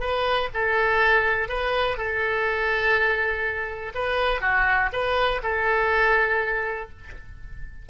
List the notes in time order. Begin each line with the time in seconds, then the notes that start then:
0.00 B4
0.54 A4
1.49 B4
1.97 A4
3.95 B4
4.41 F#4
4.92 B4
5.43 A4